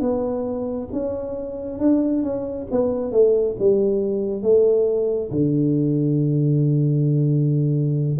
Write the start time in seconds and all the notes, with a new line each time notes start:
0.00 B3
0.92 C#4
1.79 D4
2.23 C#4
2.71 B3
3.12 A3
3.59 G3
4.42 A3
5.31 D3